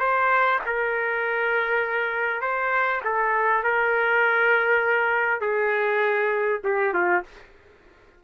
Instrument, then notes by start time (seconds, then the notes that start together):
trumpet
0.00 C5
0.66 A#4
2.41 C5
3.05 A4
3.64 A#4
5.41 G#4
6.64 G4
6.94 F4